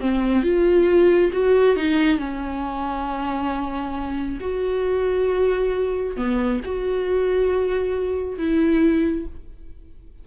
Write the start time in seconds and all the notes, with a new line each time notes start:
0.00 C4
0.43 F4
1.32 F#4
1.76 D#4
2.18 C#4
4.40 F#4
6.16 B3
6.64 F#4
8.37 E4